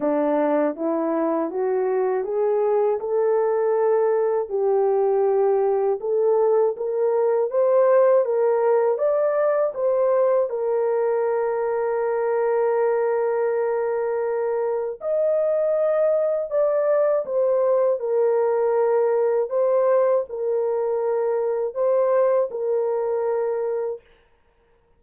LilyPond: \new Staff \with { instrumentName = "horn" } { \time 4/4 \tempo 4 = 80 d'4 e'4 fis'4 gis'4 | a'2 g'2 | a'4 ais'4 c''4 ais'4 | d''4 c''4 ais'2~ |
ais'1 | dis''2 d''4 c''4 | ais'2 c''4 ais'4~ | ais'4 c''4 ais'2 | }